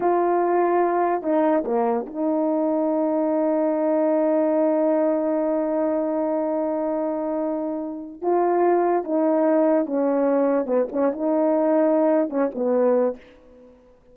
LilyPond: \new Staff \with { instrumentName = "horn" } { \time 4/4 \tempo 4 = 146 f'2. dis'4 | ais4 dis'2.~ | dis'1~ | dis'1~ |
dis'1 | f'2 dis'2 | cis'2 b8 cis'8 dis'4~ | dis'2 cis'8 b4. | }